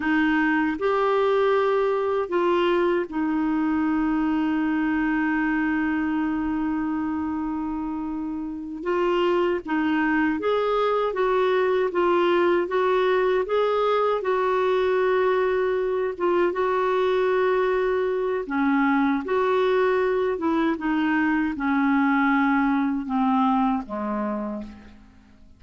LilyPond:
\new Staff \with { instrumentName = "clarinet" } { \time 4/4 \tempo 4 = 78 dis'4 g'2 f'4 | dis'1~ | dis'2.~ dis'8 f'8~ | f'8 dis'4 gis'4 fis'4 f'8~ |
f'8 fis'4 gis'4 fis'4.~ | fis'4 f'8 fis'2~ fis'8 | cis'4 fis'4. e'8 dis'4 | cis'2 c'4 gis4 | }